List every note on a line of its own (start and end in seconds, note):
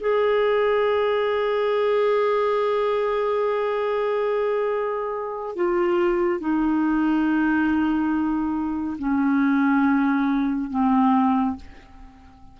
0.00 5.55 G#4
5.55 6.40 F4
6.40 8.97 D#4
8.98 10.70 C#4
10.70 11.56 C4